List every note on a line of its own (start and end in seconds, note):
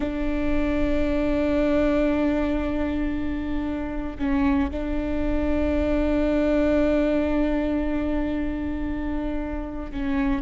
0.00 4.17 D4
4.18 4.70 C#4
4.71 9.91 D4
9.91 10.41 C#4